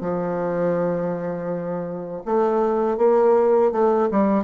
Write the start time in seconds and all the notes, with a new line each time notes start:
0.00 F3
2.25 A3
2.97 A#3
3.71 A3
4.11 G3